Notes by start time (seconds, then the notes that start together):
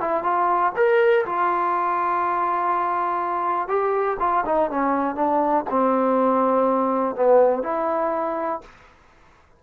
0.00 E4
0.23 F4
0.76 A#4
1.25 F4
3.68 G4
4.19 F4
4.45 D#4
4.70 C#4
5.15 D4
5.70 C4
7.15 B3
7.63 E4